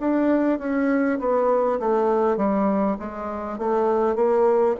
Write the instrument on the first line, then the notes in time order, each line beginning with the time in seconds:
bassoon
0.00 D4
0.58 C#4
1.19 B3
1.79 A3
2.37 G3
2.99 G#3
3.58 A3
4.16 A#3